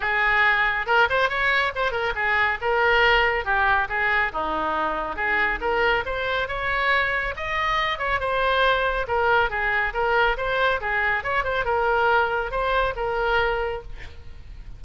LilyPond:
\new Staff \with { instrumentName = "oboe" } { \time 4/4 \tempo 4 = 139 gis'2 ais'8 c''8 cis''4 | c''8 ais'8 gis'4 ais'2 | g'4 gis'4 dis'2 | gis'4 ais'4 c''4 cis''4~ |
cis''4 dis''4. cis''8 c''4~ | c''4 ais'4 gis'4 ais'4 | c''4 gis'4 cis''8 c''8 ais'4~ | ais'4 c''4 ais'2 | }